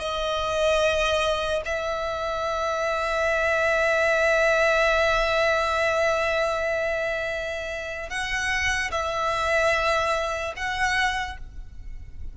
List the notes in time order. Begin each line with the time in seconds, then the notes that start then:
0.00 D#5
1.65 E5
8.10 F#5
8.92 E5
10.57 F#5